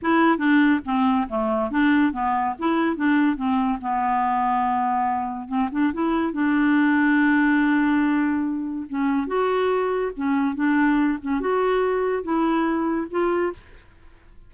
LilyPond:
\new Staff \with { instrumentName = "clarinet" } { \time 4/4 \tempo 4 = 142 e'4 d'4 c'4 a4 | d'4 b4 e'4 d'4 | c'4 b2.~ | b4 c'8 d'8 e'4 d'4~ |
d'1~ | d'4 cis'4 fis'2 | cis'4 d'4. cis'8 fis'4~ | fis'4 e'2 f'4 | }